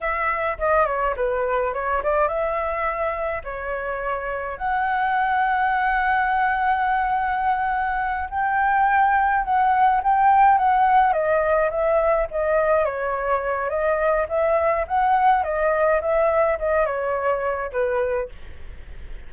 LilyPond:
\new Staff \with { instrumentName = "flute" } { \time 4/4 \tempo 4 = 105 e''4 dis''8 cis''8 b'4 cis''8 d''8 | e''2 cis''2 | fis''1~ | fis''2~ fis''8 g''4.~ |
g''8 fis''4 g''4 fis''4 dis''8~ | dis''8 e''4 dis''4 cis''4. | dis''4 e''4 fis''4 dis''4 | e''4 dis''8 cis''4. b'4 | }